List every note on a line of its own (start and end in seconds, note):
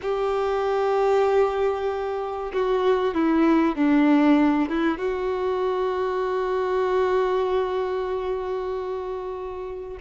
0.02 2.52 G4
2.53 3.14 F#4
3.14 3.75 E4
3.75 4.69 D4
4.69 4.98 E4
4.98 9.98 F#4